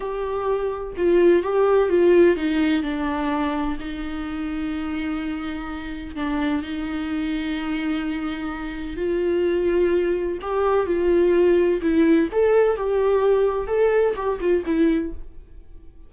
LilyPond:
\new Staff \with { instrumentName = "viola" } { \time 4/4 \tempo 4 = 127 g'2 f'4 g'4 | f'4 dis'4 d'2 | dis'1~ | dis'4 d'4 dis'2~ |
dis'2. f'4~ | f'2 g'4 f'4~ | f'4 e'4 a'4 g'4~ | g'4 a'4 g'8 f'8 e'4 | }